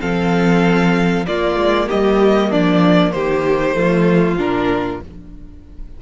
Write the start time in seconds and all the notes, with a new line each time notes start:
0.00 F3 C4 A4 F5
1.26 A#3 F4 D5
1.56 G#3
1.88 G3 G4 D#5
2.50 F3 D4 D5
3.12 D#3 G4 C5
3.75 F3 A3 F4
4.37 A#2 D4 A#4